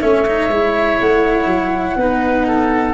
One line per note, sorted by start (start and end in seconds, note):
0.00 0.49 A3
0.00 0.25 C#4
0.00 1.97 C#5
0.00 0.98 E5
0.26 0.50 D#4
0.49 0.98 G#3
0.49 1.99 E4
1.00 1.45 A3
1.00 2.93 F#5
1.45 1.95 F#3
1.95 2.93 B3
1.95 2.93 D#4
1.95 2.47 B4
2.47 2.93 A4